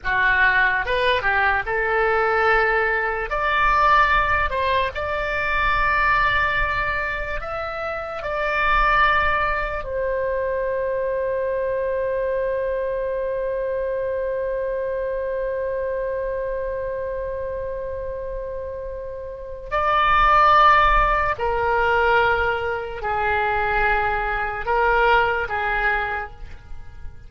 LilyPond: \new Staff \with { instrumentName = "oboe" } { \time 4/4 \tempo 4 = 73 fis'4 b'8 g'8 a'2 | d''4. c''8 d''2~ | d''4 e''4 d''2 | c''1~ |
c''1~ | c''1 | d''2 ais'2 | gis'2 ais'4 gis'4 | }